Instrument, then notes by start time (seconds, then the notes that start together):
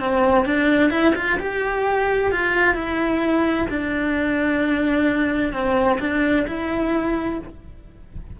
cello
0.00 C4
0.45 D4
0.91 E4
1.15 F4
1.39 G4
2.32 F4
2.75 E4
3.70 D4
5.53 C4
6.00 D4
6.47 E4